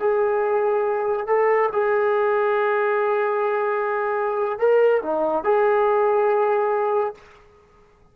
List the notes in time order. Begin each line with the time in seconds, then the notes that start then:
0.00 G#4
1.27 A4
1.73 G#4
4.59 A#4
5.03 D#4
5.44 G#4